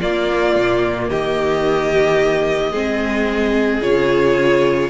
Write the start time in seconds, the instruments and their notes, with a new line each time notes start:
0.00 viola A#3, cello A#3, violin F4 D5
0.55 cello A#2
1.09 cello D#3, violin G4 D#5
2.71 cello G#3, viola C4, violin G#4
3.81 cello C#3, viola F4, violin C#5